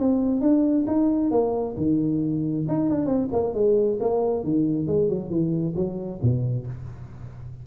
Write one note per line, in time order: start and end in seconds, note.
0.00 0.42 C4
0.42 0.86 D4
0.87 1.32 D#4
1.32 1.76 A#3
1.78 2.66 D#3
2.69 2.90 D#4
2.90 3.06 D4
3.06 3.28 C4
3.33 3.54 A#3
3.54 3.99 G#3
4.01 4.44 A#3
4.44 4.87 D#3
4.87 5.09 G#3
5.09 5.30 F#3
5.30 5.75 E3
5.76 6.21 F#3
6.23 6.67 B2